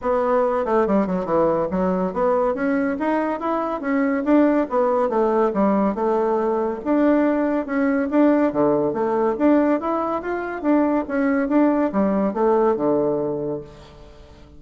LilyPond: \new Staff \with { instrumentName = "bassoon" } { \time 4/4 \tempo 4 = 141 b4. a8 g8 fis8 e4 | fis4 b4 cis'4 dis'4 | e'4 cis'4 d'4 b4 | a4 g4 a2 |
d'2 cis'4 d'4 | d4 a4 d'4 e'4 | f'4 d'4 cis'4 d'4 | g4 a4 d2 | }